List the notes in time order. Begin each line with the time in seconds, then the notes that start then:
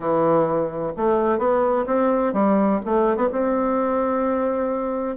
0.00 E3
0.96 A3
1.38 B3
1.86 C4
2.33 G3
2.85 A3
3.16 B3
3.32 C4